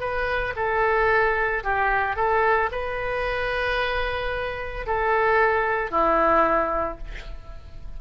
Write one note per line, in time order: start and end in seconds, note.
0.00 0.54 B4
0.56 1.64 A4
1.64 2.16 G4
2.16 2.70 A4
2.72 4.86 B4
4.87 5.91 A4
5.91 6.98 E4